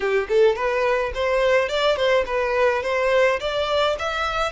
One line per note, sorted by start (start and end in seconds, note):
0.00 0.27 G4
0.28 0.55 A4
0.55 1.12 B4
1.14 1.68 C5
1.68 1.96 D5
1.96 2.24 C5
2.26 2.82 B4
2.83 3.39 C5
3.40 3.96 D5
3.98 4.52 E5